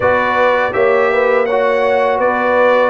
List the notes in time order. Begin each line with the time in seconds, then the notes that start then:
0.00 B3 F#4 B4 D5
0.72 A#3 G4 C#5 E5
1.12 B4
1.45 F#4 C#5 F#5
2.18 B3 B4 D5